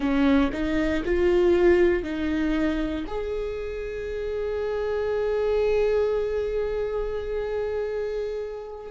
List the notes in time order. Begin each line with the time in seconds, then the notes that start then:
0.00 C#4
0.52 D#4
1.05 F4
2.03 D#4
3.07 G#4